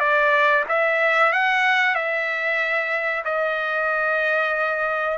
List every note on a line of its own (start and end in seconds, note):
0.00 0.65 D5
0.69 1.33 E5
1.33 1.95 F#5
1.95 3.24 E5
3.25 5.18 D#5